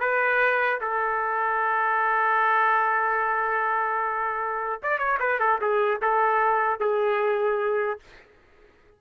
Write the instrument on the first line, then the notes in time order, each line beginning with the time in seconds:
trumpet
0.00 B4
0.81 A4
4.83 D5
4.99 C#5
5.20 B4
5.40 A4
5.61 G#4
6.02 A4
6.80 G#4